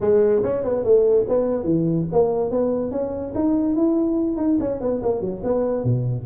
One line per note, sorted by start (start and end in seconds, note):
0.01 0.42 G#3
0.43 0.63 C#4
0.63 0.84 B3
0.84 1.25 A3
1.28 1.64 B3
1.64 2.05 E3
2.12 2.51 A#3
2.51 2.91 B3
2.91 3.33 C#4
3.34 3.75 D#4
3.75 4.37 E4
4.37 4.57 D#4
4.59 4.80 C#4
4.80 5.01 B3
5.02 5.21 A#3
5.21 5.41 F#3
5.43 5.84 B3
5.84 6.25 B2